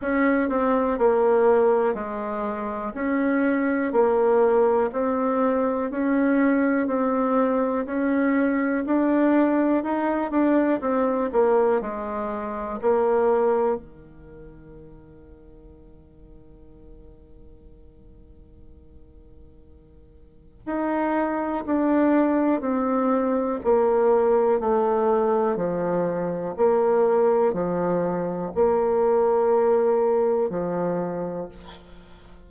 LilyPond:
\new Staff \with { instrumentName = "bassoon" } { \time 4/4 \tempo 4 = 61 cis'8 c'8 ais4 gis4 cis'4 | ais4 c'4 cis'4 c'4 | cis'4 d'4 dis'8 d'8 c'8 ais8 | gis4 ais4 dis2~ |
dis1~ | dis4 dis'4 d'4 c'4 | ais4 a4 f4 ais4 | f4 ais2 f4 | }